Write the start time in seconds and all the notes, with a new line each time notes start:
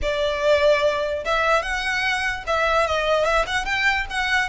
0.02 D5
1.24 E5
1.62 F#5
2.46 E5
2.86 D#5
3.24 E5
3.47 F#5
3.65 G5
4.09 F#5